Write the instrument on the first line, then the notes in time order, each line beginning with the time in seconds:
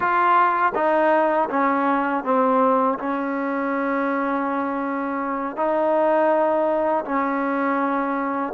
trombone
0.00 F4
0.74 D#4
1.49 C#4
2.24 C4
2.98 C#4
5.56 D#4
7.04 C#4